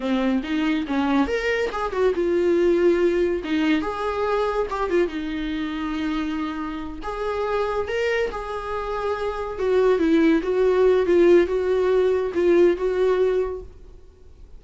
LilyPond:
\new Staff \with { instrumentName = "viola" } { \time 4/4 \tempo 4 = 141 c'4 dis'4 cis'4 ais'4 | gis'8 fis'8 f'2. | dis'4 gis'2 g'8 f'8 | dis'1~ |
dis'8 gis'2 ais'4 gis'8~ | gis'2~ gis'8 fis'4 e'8~ | e'8 fis'4. f'4 fis'4~ | fis'4 f'4 fis'2 | }